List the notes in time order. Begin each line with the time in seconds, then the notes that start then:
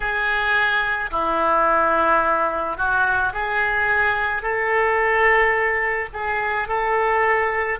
0.00 G#4
1.11 E4
2.77 F#4
3.33 G#4
4.42 A4
6.13 G#4
6.68 A4